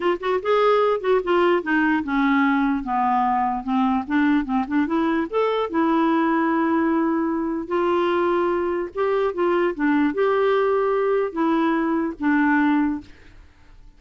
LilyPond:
\new Staff \with { instrumentName = "clarinet" } { \time 4/4 \tempo 4 = 148 f'8 fis'8 gis'4. fis'8 f'4 | dis'4 cis'2 b4~ | b4 c'4 d'4 c'8 d'8 | e'4 a'4 e'2~ |
e'2. f'4~ | f'2 g'4 f'4 | d'4 g'2. | e'2 d'2 | }